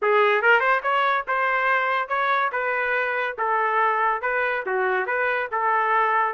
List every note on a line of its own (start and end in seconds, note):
0.01 0.41 G#4
0.41 0.59 A#4
0.59 0.80 C5
0.82 1.25 C#5
1.27 2.08 C5
2.08 2.50 C#5
2.52 3.36 B4
3.37 4.21 A4
4.21 4.64 B4
4.66 5.06 F#4
5.06 5.48 B4
5.51 6.33 A4